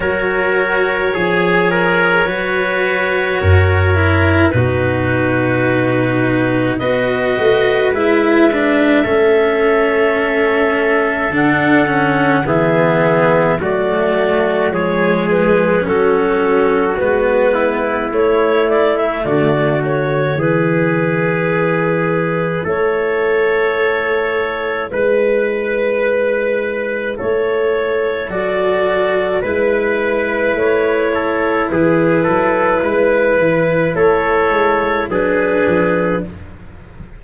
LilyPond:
<<
  \new Staff \with { instrumentName = "clarinet" } { \time 4/4 \tempo 4 = 53 cis''1 | b'2 dis''4 e''4~ | e''2 fis''4 e''4 | d''4 cis''8 b'8 a'4 b'4 |
cis''8 d''16 e''16 d''8 cis''8 b'2 | cis''2 b'2 | cis''4 d''4 b'4 cis''4 | b'2 cis''4 b'4 | }
  \new Staff \with { instrumentName = "trumpet" } { \time 4/4 ais'4 gis'8 ais'8 b'4 ais'4 | fis'2 b'2 | a'2. gis'4 | fis'4 gis'4 fis'4. e'8~ |
e'4 fis'4 gis'2 | a'2 b'2 | a'2 b'4. a'8 | gis'8 a'8 b'4 a'4 gis'4 | }
  \new Staff \with { instrumentName = "cello" } { \time 4/4 fis'4 gis'4 fis'4. e'8 | dis'2 fis'4 e'8 d'8 | cis'2 d'8 cis'8 b4 | a4 gis4 cis'4 b4 |
a2 e'2~ | e'1~ | e'4 fis'4 e'2~ | e'2. d'4 | }
  \new Staff \with { instrumentName = "tuba" } { \time 4/4 fis4 f4 fis4 fis,4 | b,2 b8 a8 gis4 | a2 d4 e4 | fis4 f4 fis4 gis4 |
a4 d4 e2 | a2 gis2 | a4 fis4 gis4 a4 | e8 fis8 gis8 e8 a8 gis8 fis8 f8 | }
>>